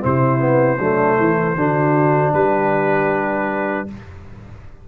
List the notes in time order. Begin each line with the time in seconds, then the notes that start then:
0.00 C3 C4 E4 C5
0.38 B3
0.78 F#3 A3 D4
1.16 E3 E4
1.55 D3 D4 F#4
2.33 G3 G4 B4